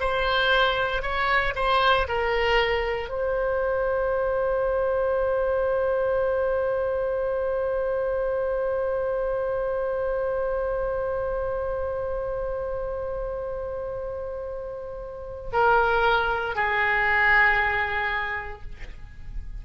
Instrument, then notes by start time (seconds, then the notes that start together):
oboe
0.00 C5
1.02 C#5
1.55 C5
2.08 A#4
3.09 C5
15.53 A#4
16.55 G#4